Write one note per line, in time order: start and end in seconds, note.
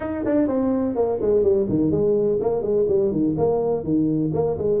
0.00 0.24 D#4
0.25 0.47 D4
0.47 0.95 C4
0.95 1.19 A#3
1.21 1.42 G#3
1.42 1.66 G3
1.69 1.91 D#3
1.91 2.39 G#3
2.40 2.62 A#3
2.62 2.86 G#3
2.88 3.11 G3
3.11 3.35 D#3
3.37 3.83 A#3
3.83 4.31 D#3
4.33 4.57 A#3
4.58 4.80 G#3